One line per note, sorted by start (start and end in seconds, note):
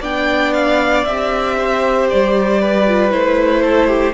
0.00 1.05 B3
0.00 1.05 D4
0.00 1.55 D5
0.00 0.53 G5
0.53 1.04 F5
1.04 2.09 C4
1.04 2.87 G4
1.04 2.07 E5
1.57 2.61 C5
2.09 3.13 G3
2.09 3.11 D5
2.61 3.62 B4
2.87 3.11 F4
3.11 4.14 A3
3.11 4.14 E4
3.11 4.14 C5
3.62 3.87 A4
3.87 4.13 G4